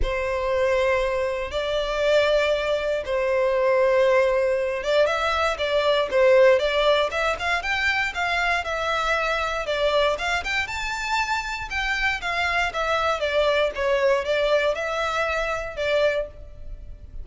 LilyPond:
\new Staff \with { instrumentName = "violin" } { \time 4/4 \tempo 4 = 118 c''2. d''4~ | d''2 c''2~ | c''4. d''8 e''4 d''4 | c''4 d''4 e''8 f''8 g''4 |
f''4 e''2 d''4 | f''8 g''8 a''2 g''4 | f''4 e''4 d''4 cis''4 | d''4 e''2 d''4 | }